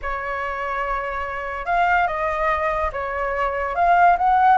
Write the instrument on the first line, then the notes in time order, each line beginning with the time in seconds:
flute
0.02 C#5
1.65 F5
2.07 D#5
2.92 C#5
3.75 F5
4.17 F#5